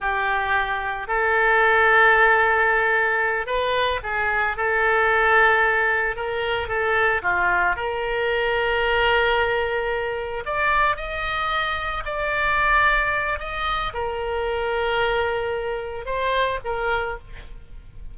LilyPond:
\new Staff \with { instrumentName = "oboe" } { \time 4/4 \tempo 4 = 112 g'2 a'2~ | a'2~ a'8 b'4 gis'8~ | gis'8 a'2. ais'8~ | ais'8 a'4 f'4 ais'4.~ |
ais'2.~ ais'8 d''8~ | d''8 dis''2 d''4.~ | d''4 dis''4 ais'2~ | ais'2 c''4 ais'4 | }